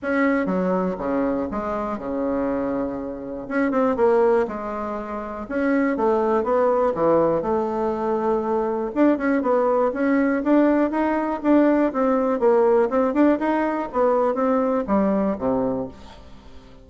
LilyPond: \new Staff \with { instrumentName = "bassoon" } { \time 4/4 \tempo 4 = 121 cis'4 fis4 cis4 gis4 | cis2. cis'8 c'8 | ais4 gis2 cis'4 | a4 b4 e4 a4~ |
a2 d'8 cis'8 b4 | cis'4 d'4 dis'4 d'4 | c'4 ais4 c'8 d'8 dis'4 | b4 c'4 g4 c4 | }